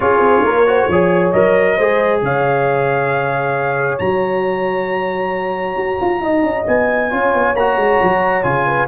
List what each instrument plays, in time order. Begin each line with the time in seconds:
0.00 tuba C#4, trombone F4, horn G#4, trumpet C#5
0.19 tuba C4
0.43 tuba A#3, horn A#4
0.66 trombone F#4, horn C5
0.88 tuba F3, trombone G#4, horn C#5
1.31 tuba F#3, trombone A#4, trumpet D#5
1.76 tuba G#3, trombone G#4, horn C5
2.22 tuba C#3, horn C#5, trumpet F5
3.98 tuba F#3, trombone F#4, trumpet A#5
5.76 tuba F#4
6.01 tuba F4
6.20 tuba D#4, horn D#5
6.43 tuba C#4
6.66 tuba B3, trumpet G#5
7.10 tuba C#4, trombone F4, horn C#5
7.34 tuba B3
7.55 tuba A#3, trombone F#4, trumpet A#5
7.76 tuba G#3
8.02 tuba F#3
8.43 tuba C#3, trombone F4, trumpet G#5
8.66 horn B4